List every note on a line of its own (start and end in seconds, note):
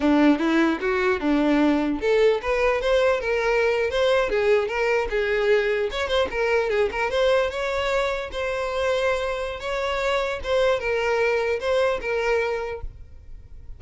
0.00 0.39 D4
0.39 0.79 E4
0.80 1.20 F#4
1.20 2.00 D4
2.00 2.40 A4
2.42 2.81 B4
2.81 3.20 C5
3.20 3.90 A#4
3.90 4.29 C5
4.29 4.68 G#4
4.68 5.08 A#4
5.09 5.89 G#4
5.91 6.07 C#5
6.07 6.27 C5
6.31 6.69 A#4
6.69 6.89 G#4
6.91 7.10 A#4
7.10 7.50 C5
7.50 8.30 C#5
8.31 9.59 C5
9.59 10.39 C#5
10.43 10.79 C5
10.79 11.59 A#4
11.60 12.00 C5
12.01 12.81 A#4